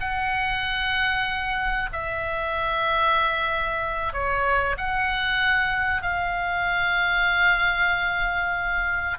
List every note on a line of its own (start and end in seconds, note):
0.00 1.89 F#5
1.92 4.13 E5
4.13 4.76 C#5
4.77 6.02 F#5
6.02 9.18 F5